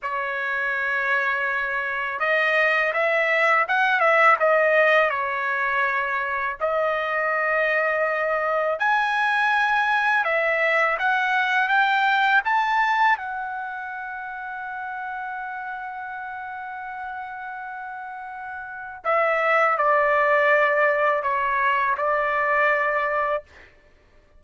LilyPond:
\new Staff \with { instrumentName = "trumpet" } { \time 4/4 \tempo 4 = 82 cis''2. dis''4 | e''4 fis''8 e''8 dis''4 cis''4~ | cis''4 dis''2. | gis''2 e''4 fis''4 |
g''4 a''4 fis''2~ | fis''1~ | fis''2 e''4 d''4~ | d''4 cis''4 d''2 | }